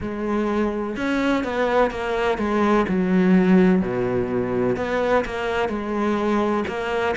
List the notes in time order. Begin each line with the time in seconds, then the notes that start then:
0.00 G#3
0.96 C#4
1.43 B3
1.90 A#3
2.38 G#3
2.88 F#3
3.81 B2
4.76 B3
5.25 A#3
5.68 G#3
6.67 A#3